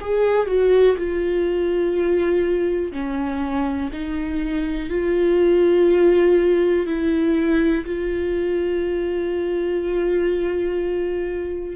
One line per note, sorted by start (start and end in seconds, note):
0.00 0.46 G#4
0.46 0.96 F#4
0.97 2.92 F4
2.92 3.90 C#4
3.92 4.89 D#4
4.89 6.86 F4
6.86 7.84 E4
7.85 11.75 F4